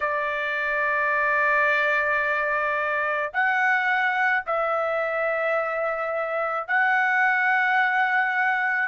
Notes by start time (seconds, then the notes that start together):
0.00 D5
3.33 F#5
4.46 E5
6.67 F#5